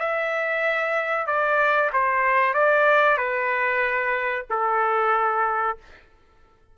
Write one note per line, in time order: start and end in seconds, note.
0.00 1.27 E5
1.27 1.91 D5
1.93 2.54 C5
2.54 3.18 D5
3.18 4.46 B4
4.50 5.78 A4